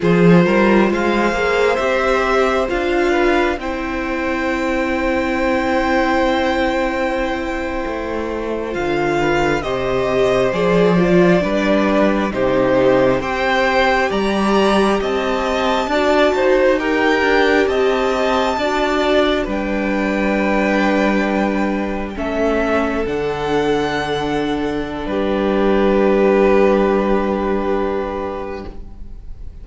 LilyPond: <<
  \new Staff \with { instrumentName = "violin" } { \time 4/4 \tempo 4 = 67 c''4 f''4 e''4 f''4 | g''1~ | g''4.~ g''16 f''4 dis''4 d''16~ | d''4.~ d''16 c''4 g''4 ais''16~ |
ais''8. a''2 g''4 a''16~ | a''4.~ a''16 g''2~ g''16~ | g''8. e''4 fis''2~ fis''16 | b'1 | }
  \new Staff \with { instrumentName = "violin" } { \time 4/4 gis'8 ais'8 c''2~ c''8 b'8 | c''1~ | c''2~ c''16 b'8 c''4~ c''16~ | c''8. b'4 g'4 c''4 d''16~ |
d''8. dis''4 d''8 c''8 ais'4 dis''16~ | dis''8. d''4 b'2~ b'16~ | b'8. a'2.~ a'16 | g'1 | }
  \new Staff \with { instrumentName = "viola" } { \time 4/4 f'4. gis'8 g'4 f'4 | e'1~ | e'4.~ e'16 f'4 g'4 gis'16~ | gis'16 f'8 d'4 dis'4 g'4~ g'16~ |
g'4.~ g'16 fis'4 g'4~ g'16~ | g'8. fis'4 d'2~ d'16~ | d'8. cis'4 d'2~ d'16~ | d'1 | }
  \new Staff \with { instrumentName = "cello" } { \time 4/4 f8 g8 gis8 ais8 c'4 d'4 | c'1~ | c'8. a4 d4 c4 f16~ | f8. g4 c4 c'4 g16~ |
g8. c'4 d'8 dis'4 d'8 c'16~ | c'8. d'4 g2~ g16~ | g8. a4 d2~ d16 | g1 | }
>>